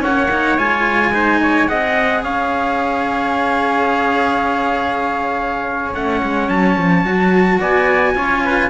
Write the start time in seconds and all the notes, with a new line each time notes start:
0.00 C#4 C#5 F#5
0.06 A#3
0.31 D#4
0.57 G#3 F4 G#5
1.13 D#4 C5
1.42 C#5
1.68 C4 G#4 D#5 F#5
2.23 C#4 C#5 F5
5.94 A3 C#4 F#5
6.23 G#3
6.48 F#3 A5
6.78 F3
7.03 F#3 F#4
7.60 B3 D5 G#5
8.15 C#4 F4 C#5
8.44 B4